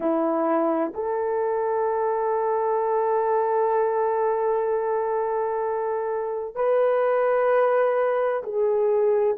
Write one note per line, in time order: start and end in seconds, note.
0.00 0.92 E4
0.94 6.55 A4
6.55 8.42 B4
8.43 9.37 G#4